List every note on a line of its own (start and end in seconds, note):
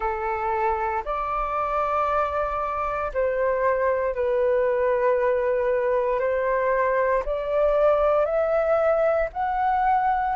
0.00 1.03 A4
1.04 3.11 D5
3.13 4.14 C5
4.14 6.19 B4
6.19 7.23 C5
7.25 8.25 D5
8.25 9.28 E5
9.32 10.35 F#5